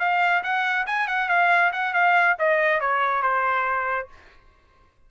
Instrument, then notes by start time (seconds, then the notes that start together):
trumpet
0.00 F5
0.44 F#5
0.87 G#5
1.08 F#5
1.29 F5
1.73 F#5
1.94 F5
2.39 D#5
2.81 C#5
3.23 C5